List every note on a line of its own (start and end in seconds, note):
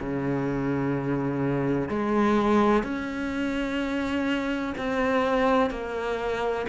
0.00 1.89 C#3
1.89 2.84 G#3
2.84 4.74 C#4
4.78 5.71 C4
5.71 6.66 A#3